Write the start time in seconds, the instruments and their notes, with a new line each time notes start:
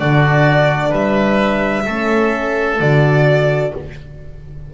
0.00 double bass D3, horn D4, oboe F#4, violin D5
0.90 double bass G3, oboe B4, violin E5
1.86 double bass A3, horn C#4, oboe A4
2.80 double bass D3, horn F#4, violin D5